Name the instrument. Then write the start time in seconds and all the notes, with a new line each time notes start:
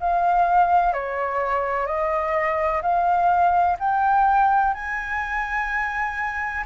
flute
0.00 F5
0.93 C#5
1.87 D#5
2.82 F5
3.80 G5
4.74 G#5